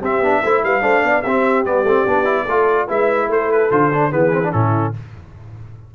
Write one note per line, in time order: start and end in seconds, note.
0.00 0.20 C4
0.00 0.23 C4
0.00 0.41 G4
0.00 0.64 E5
0.20 0.41 B3
0.20 0.44 D4
0.42 0.63 A3
0.42 0.81 E4
0.42 0.63 C5
0.63 0.83 G3
0.63 0.82 B4
0.63 1.23 F5
0.81 1.03 A3
0.81 1.22 D4
0.81 1.02 C5
1.03 1.24 B3
1.03 1.24 D5
1.23 1.66 C4
1.23 1.65 C4
1.23 2.45 G4
1.23 1.64 E5
1.65 1.84 G3
1.65 1.86 B3
1.65 2.89 D5
1.84 2.04 A3
1.84 2.08 C4
2.06 2.47 B3
2.06 2.25 D4
2.25 2.46 E4
2.45 2.88 A3
2.45 2.89 F4
2.45 2.86 A4
2.87 3.29 G#3
2.87 3.71 E4
2.87 3.28 B4
2.87 3.31 E5
3.29 3.70 A3
3.29 4.11 A4
3.29 3.52 C5
3.52 3.71 B4
3.71 4.12 D3
3.71 3.91 F4
3.71 4.12 C5
3.93 4.11 D4
4.11 4.53 E3
4.11 4.32 B3
4.11 4.52 G#4
4.11 4.52 B4
4.33 4.43 C4
4.44 4.53 D4
4.52 4.95 A2
4.52 4.94 C#4
4.52 4.95 E4
4.52 4.94 A4